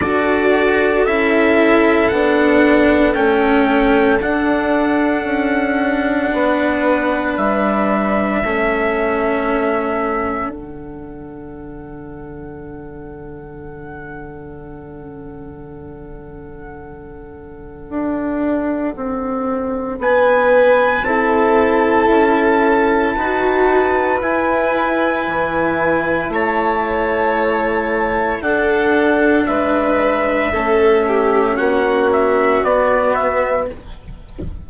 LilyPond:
<<
  \new Staff \with { instrumentName = "trumpet" } { \time 4/4 \tempo 4 = 57 d''4 e''4 fis''4 g''4 | fis''2. e''4~ | e''2 fis''2~ | fis''1~ |
fis''2. gis''4 | a''2. gis''4~ | gis''4 a''2 fis''4 | e''2 fis''8 e''8 d''8 e''8 | }
  \new Staff \with { instrumentName = "violin" } { \time 4/4 a'1~ | a'2 b'2 | a'1~ | a'1~ |
a'2. b'4 | a'2 b'2~ | b'4 cis''2 a'4 | b'4 a'8 g'8 fis'2 | }
  \new Staff \with { instrumentName = "cello" } { \time 4/4 fis'4 e'4 d'4 cis'4 | d'1 | cis'2 d'2~ | d'1~ |
d'1 | e'2 fis'4 e'4~ | e'2. d'4~ | d'4 cis'2 b4 | }
  \new Staff \with { instrumentName = "bassoon" } { \time 4/4 d'4 cis'4 b4 a4 | d'4 cis'4 b4 g4 | a2 d2~ | d1~ |
d4 d'4 c'4 b4 | c'4 cis'4 dis'4 e'4 | e4 a2 d'4 | gis4 a4 ais4 b4 | }
>>